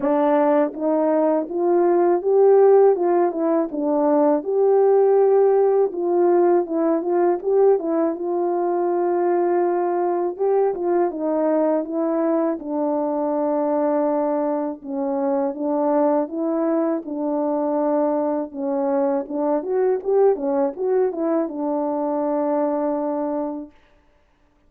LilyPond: \new Staff \with { instrumentName = "horn" } { \time 4/4 \tempo 4 = 81 d'4 dis'4 f'4 g'4 | f'8 e'8 d'4 g'2 | f'4 e'8 f'8 g'8 e'8 f'4~ | f'2 g'8 f'8 dis'4 |
e'4 d'2. | cis'4 d'4 e'4 d'4~ | d'4 cis'4 d'8 fis'8 g'8 cis'8 | fis'8 e'8 d'2. | }